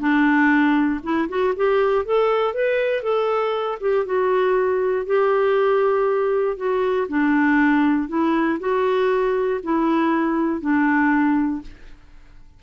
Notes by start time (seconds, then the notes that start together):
0.00 D4
1.04 E4
1.29 F#4
1.56 G4
2.06 A4
2.54 B4
3.03 A4
3.81 G4
4.06 F#4
5.06 G4
6.57 F#4
7.09 D4
8.09 E4
8.60 F#4
9.64 E4
10.61 D4